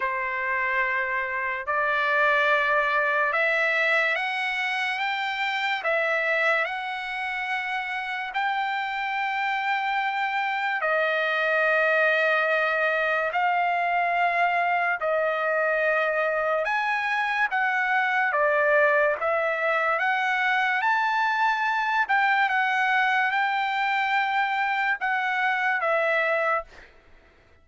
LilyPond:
\new Staff \with { instrumentName = "trumpet" } { \time 4/4 \tempo 4 = 72 c''2 d''2 | e''4 fis''4 g''4 e''4 | fis''2 g''2~ | g''4 dis''2. |
f''2 dis''2 | gis''4 fis''4 d''4 e''4 | fis''4 a''4. g''8 fis''4 | g''2 fis''4 e''4 | }